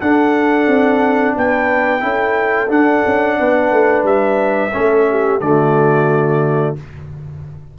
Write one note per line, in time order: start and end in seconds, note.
0.00 2.00 D4
0.00 0.67 D4
0.00 1.35 A4
0.00 1.35 F#5
0.67 1.34 C4
1.35 2.03 B3
1.35 2.03 B4
1.35 2.71 G5
2.00 2.69 C#4
2.00 2.67 E4
2.00 3.38 A4
2.68 4.70 D4
2.68 3.03 D4
2.68 4.05 F#5
3.06 3.39 C#4
3.39 3.71 B3
3.39 4.73 B4
3.71 4.03 A3
4.03 4.71 G3
4.03 5.40 E5
4.73 5.40 A3
4.73 5.40 C#4
4.73 5.06 A4
5.10 5.43 G4
5.40 6.75 D3
5.40 6.76 A3
5.40 6.78 F#4
5.40 6.75 D5